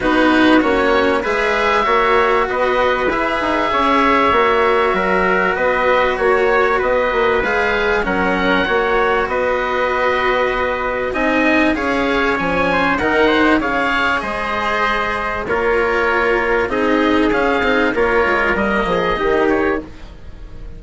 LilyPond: <<
  \new Staff \with { instrumentName = "oboe" } { \time 4/4 \tempo 4 = 97 b'4 cis''4 e''2 | dis''4 e''2.~ | e''4 dis''4 cis''4 dis''4 | f''4 fis''2 dis''4~ |
dis''2 gis''4 f''4 | gis''4 fis''4 f''4 dis''4~ | dis''4 cis''2 dis''4 | f''4 cis''4 dis''4. cis''8 | }
  \new Staff \with { instrumentName = "trumpet" } { \time 4/4 fis'2 b'4 cis''4 | b'2 cis''2 | ais'4 b'4 cis''4 b'4~ | b'4 ais'4 cis''4 b'4~ |
b'2 dis''4 cis''4~ | cis''8 c''8 ais'8 c''8 cis''4 c''4~ | c''4 ais'2 gis'4~ | gis'4 ais'4. gis'8 g'4 | }
  \new Staff \with { instrumentName = "cello" } { \time 4/4 dis'4 cis'4 gis'4 fis'4~ | fis'4 gis'2 fis'4~ | fis'1 | gis'4 cis'4 fis'2~ |
fis'2 dis'4 gis'4 | cis'4 dis'4 gis'2~ | gis'4 f'2 dis'4 | cis'8 dis'8 f'4 ais4 dis'4 | }
  \new Staff \with { instrumentName = "bassoon" } { \time 4/4 b4 ais4 gis4 ais4 | b4 e'8 dis'8 cis'4 ais4 | fis4 b4 ais4 b8 ais8 | gis4 fis4 ais4 b4~ |
b2 c'4 cis'4 | f4 dis4 cis4 gis4~ | gis4 ais2 c'4 | cis'8 c'8 ais8 gis8 g8 f8 dis4 | }
>>